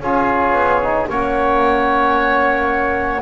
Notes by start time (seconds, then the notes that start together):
0.00 C#4 F4 G#4 C#5
0.52 B3
0.83 D#4
1.07 A#3 C#4 C#5 F#5